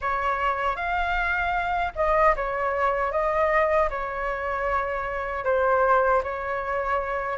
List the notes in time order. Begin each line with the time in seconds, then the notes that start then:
0.01 C#5
0.76 F5
1.95 D#5
2.36 C#5
3.11 D#5
3.90 C#5
5.44 C5
6.23 C#5